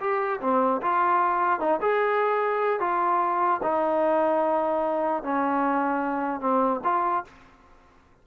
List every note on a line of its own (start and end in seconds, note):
0.00 0.40 G4
0.41 0.81 C4
0.82 1.60 F4
1.60 1.80 D#4
1.81 2.80 G#4
2.80 3.61 F4
3.63 5.23 D#4
5.23 6.40 C#4
6.40 6.81 C4
6.84 7.24 F4